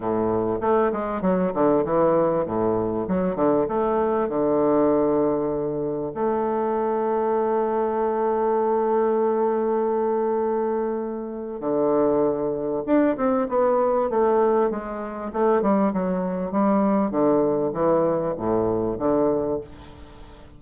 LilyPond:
\new Staff \with { instrumentName = "bassoon" } { \time 4/4 \tempo 4 = 98 a,4 a8 gis8 fis8 d8 e4 | a,4 fis8 d8 a4 d4~ | d2 a2~ | a1~ |
a2. d4~ | d4 d'8 c'8 b4 a4 | gis4 a8 g8 fis4 g4 | d4 e4 a,4 d4 | }